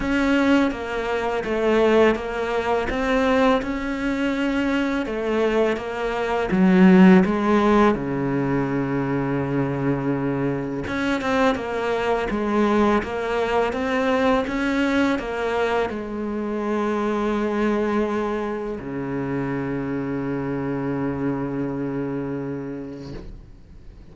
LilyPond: \new Staff \with { instrumentName = "cello" } { \time 4/4 \tempo 4 = 83 cis'4 ais4 a4 ais4 | c'4 cis'2 a4 | ais4 fis4 gis4 cis4~ | cis2. cis'8 c'8 |
ais4 gis4 ais4 c'4 | cis'4 ais4 gis2~ | gis2 cis2~ | cis1 | }